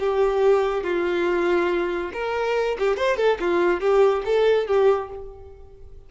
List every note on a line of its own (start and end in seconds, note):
0.00 0.84 G4
0.84 2.12 F4
2.14 2.78 A#4
2.79 2.97 G4
2.97 3.17 C5
3.17 3.38 A4
3.40 3.81 F4
3.81 4.23 G4
4.26 4.68 A4
4.68 5.10 G4